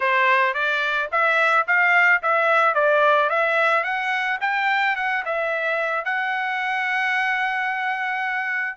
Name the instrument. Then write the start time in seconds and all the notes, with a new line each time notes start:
trumpet
0.00 C5
0.54 D5
1.11 E5
1.67 F5
2.22 E5
2.74 D5
3.29 E5
3.83 F#5
4.40 G5
4.96 F#5
5.25 E5
6.05 F#5